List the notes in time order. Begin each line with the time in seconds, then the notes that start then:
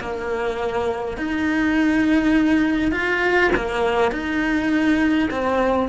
0.00 A#3
1.17 D#4
2.91 F4
3.55 A#3
4.11 D#4
5.31 C4